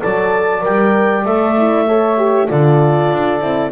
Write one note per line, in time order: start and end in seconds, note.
0.00 0.65 F#3
0.00 0.61 A4
0.00 1.85 D5
0.00 0.63 A5
0.61 1.25 G3
0.61 1.23 A#4
0.61 1.25 G5
1.25 2.49 A3
1.25 1.56 A4
1.25 2.47 E5
1.57 1.87 E4
1.85 2.18 A4
1.85 2.47 C#5
2.18 2.48 G4
2.47 3.12 D3
2.47 3.40 F4
2.47 3.70 A4
2.47 3.71 D5
3.12 3.41 D4
3.40 3.71 C4
3.40 3.71 E4